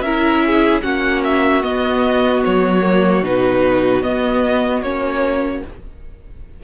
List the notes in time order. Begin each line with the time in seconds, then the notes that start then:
0.00 C#4 E4 A#4 E5
0.46 G#4
0.81 A#3 C#4 F#4 F#5
1.24 E5
1.62 B3 D#5
2.44 F#3 C#5
2.81 A#3
3.22 B2 D#4 B4
4.01 B3 D#5
4.82 A#3 C#4 C#5